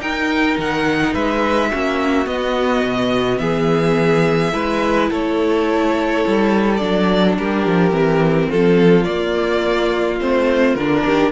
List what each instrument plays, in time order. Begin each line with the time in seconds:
0.00 cello D#4, viola D#4, violin A#4 G5
0.58 cello D#3, violin F#5
1.14 cello G#3, violin B4 E5
1.71 cello A#3, viola C#4, violin F#4
2.26 viola B3, cello B3, violin D#5
2.84 cello B2
3.39 cello E3, violin G#4 E5
4.52 cello G#3, viola E4, violin B4
5.10 cello A3, violin A4 C#5
6.27 cello G3
6.77 cello F#3, viola D4, violin D5
7.38 cello G3, violin G4 A#4
7.66 cello F3
7.91 cello E3, viola C4
8.49 cello F3, violin F4 A4
9.04 cello A#3, viola A#3, violin D5
10.20 cello A3, viola C4, violin C5
10.75 cello D3, viola D4, violin A#4
11.05 cello D#3, violin G4